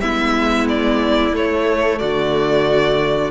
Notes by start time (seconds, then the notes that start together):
0.00 G#3 B3 E4 E5
0.68 D5
1.33 A3 C#5
1.99 D3 F#4 D5